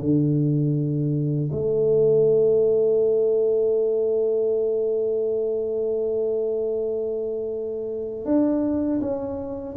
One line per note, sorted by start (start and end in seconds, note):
0.00 1.50 D3
1.52 8.25 A3
8.25 9.00 D4
9.01 9.76 C#4